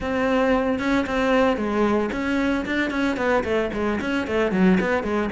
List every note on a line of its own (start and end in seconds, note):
0.00 0.79 C4
0.79 1.05 C#4
1.06 1.56 C4
1.56 2.09 G#3
2.12 2.65 C#4
2.65 2.90 D4
2.90 3.16 C#4
3.16 3.43 B3
3.43 3.70 A3
3.73 3.99 G#3
4.00 4.27 C#4
4.27 4.51 A3
4.51 4.78 F#3
4.80 5.03 B3
5.03 5.29 G#3